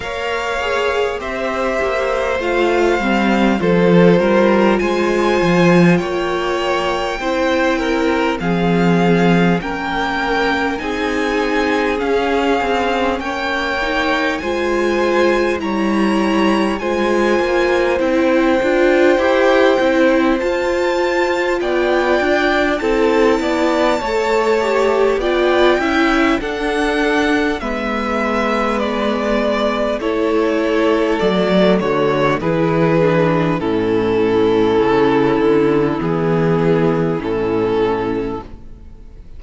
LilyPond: <<
  \new Staff \with { instrumentName = "violin" } { \time 4/4 \tempo 4 = 50 f''4 e''4 f''4 c''4 | gis''4 g''2 f''4 | g''4 gis''4 f''4 g''4 | gis''4 ais''4 gis''4 g''4~ |
g''4 a''4 g''4 a''4~ | a''4 g''4 fis''4 e''4 | d''4 cis''4 d''8 cis''8 b'4 | a'2 gis'4 a'4 | }
  \new Staff \with { instrumentName = "violin" } { \time 4/4 cis''4 c''2 a'8 ais'8 | c''4 cis''4 c''8 ais'8 gis'4 | ais'4 gis'2 cis''4 | c''4 cis''4 c''2~ |
c''2 d''4 a'8 d''8 | cis''4 d''8 e''8 a'4 b'4~ | b'4 a'4. fis'8 gis'4 | e'1 | }
  \new Staff \with { instrumentName = "viola" } { \time 4/4 ais'8 gis'8 g'4 f'8 c'8 f'4~ | f'2 e'4 c'4 | cis'4 dis'4 cis'4. dis'8 | f'4 e'4 f'4 e'8 f'8 |
g'8 e'8 f'2 e'4 | a'8 g'8 f'8 e'8 d'4 b4~ | b4 e'4 a4 e'8 d'8 | cis'2 b4 cis'4 | }
  \new Staff \with { instrumentName = "cello" } { \time 4/4 ais4 c'8 ais8 a8 g8 f8 g8 | gis8 f8 ais4 c'4 f4 | ais4 c'4 cis'8 c'8 ais4 | gis4 g4 gis8 ais8 c'8 d'8 |
e'8 c'8 f'4 b8 d'8 c'8 b8 | a4 b8 cis'8 d'4 gis4~ | gis4 a4 fis8 d8 e4 | a,4 cis8 d8 e4 a,4 | }
>>